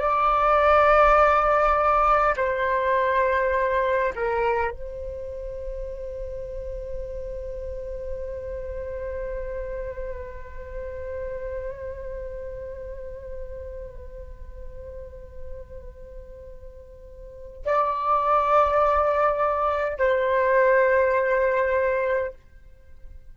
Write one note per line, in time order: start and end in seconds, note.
0.00 2.35 D5
2.37 4.13 C5
4.16 4.71 A#4
4.71 17.65 C5
17.66 19.98 D5
19.98 22.34 C5